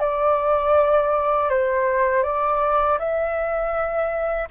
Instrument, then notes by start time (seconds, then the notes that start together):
flute
0.00 D5
1.50 C5
2.24 D5
2.99 E5